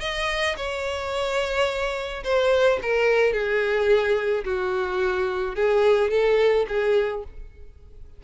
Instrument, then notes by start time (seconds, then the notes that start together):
violin
0.00 D#5
0.56 C#5
2.23 C5
2.82 A#4
3.32 G#4
4.44 F#4
5.55 G#4
6.10 A4
6.68 G#4